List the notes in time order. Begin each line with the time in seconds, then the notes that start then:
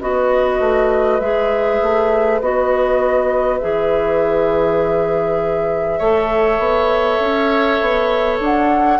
0.00 B3 F#4 B4 D#5
0.60 A3
1.20 G#3 G#4 E5
1.82 A3
2.41 B3 F#4 D#5
3.58 E3 G#4 E5
5.99 A3 A4 C#5
6.58 B3
7.20 C#4
7.81 B3
8.40 D4 F#5